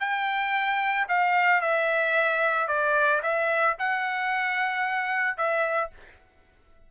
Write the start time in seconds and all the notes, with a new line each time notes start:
0.00 G5
1.09 F5
1.61 E5
2.68 D5
3.23 E5
3.79 F#5
5.37 E5